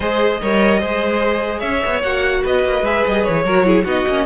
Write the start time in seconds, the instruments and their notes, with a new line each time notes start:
0.00 cello G#3, viola G#4, violin C5 D#5
0.41 cello G3, viola A#4, violin C#5
0.79 cello G#3, viola G#4, violin C5
1.59 cello C#4, violin C#5 E5
1.85 cello B3
2.03 cello A#3, viola F#4, violin F#5
2.42 cello B3, violin B4 D#5
2.64 cello A#3
2.81 cello G#3, viola G#4, violin E5
3.06 cello G3, violin D#5
3.24 cello E3, violin C#5
3.44 cello F#3, viola F#4, violin A#4
3.64 viola E4, violin G#4
3.84 cello B3, viola D#4, violin F#4 D#5
4.07 cello A#3, viola C#4